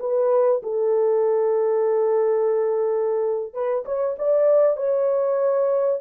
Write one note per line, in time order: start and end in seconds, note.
0.00 0.62 B4
0.63 3.54 A4
3.54 3.85 B4
3.85 4.16 C#5
4.19 4.77 D5
4.77 6.01 C#5